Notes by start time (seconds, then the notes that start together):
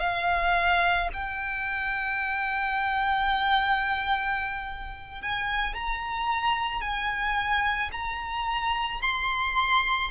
0.00 F5
1.14 G5
5.22 G#5
5.75 A#5
6.82 G#5
7.92 A#5
9.02 C6